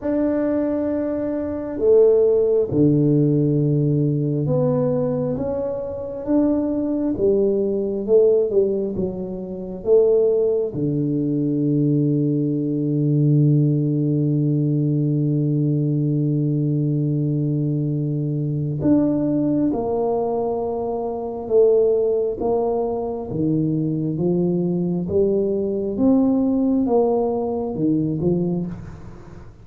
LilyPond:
\new Staff \with { instrumentName = "tuba" } { \time 4/4 \tempo 4 = 67 d'2 a4 d4~ | d4 b4 cis'4 d'4 | g4 a8 g8 fis4 a4 | d1~ |
d1~ | d4 d'4 ais2 | a4 ais4 dis4 f4 | g4 c'4 ais4 dis8 f8 | }